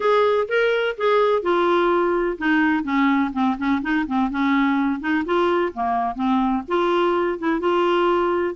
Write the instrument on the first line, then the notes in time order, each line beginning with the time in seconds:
clarinet
0.00 G#4
0.48 A#4
0.97 G#4
1.42 F4
2.38 D#4
2.83 C#4
3.32 C4
3.57 C#4
3.81 D#4
4.06 C4
4.30 C#4
5.00 D#4
5.25 F4
5.73 A#3
6.15 C4
6.68 F4
7.39 E4
7.60 F4